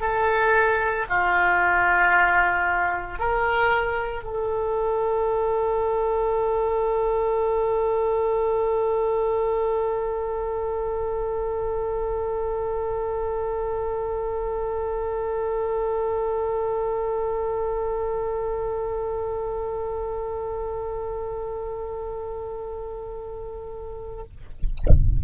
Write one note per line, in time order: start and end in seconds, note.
0.00 1.05 A4
1.09 3.19 F4
3.19 4.23 A#4
4.23 24.23 A4